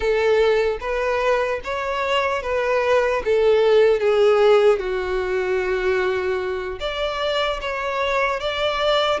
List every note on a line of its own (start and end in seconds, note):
0.00 0.77 A4
0.80 1.60 B4
1.64 2.42 C#5
2.42 3.22 B4
3.24 4.00 A4
4.00 4.79 G#4
4.79 6.79 F#4
6.80 7.60 D5
7.61 8.40 C#5
8.40 9.20 D5